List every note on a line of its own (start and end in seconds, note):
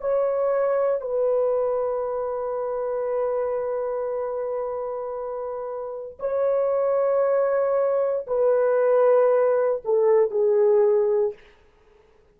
0.00 1.01 C#5
1.01 6.18 B4
6.19 8.26 C#5
8.27 9.82 B4
9.84 10.30 A4
10.30 11.34 G#4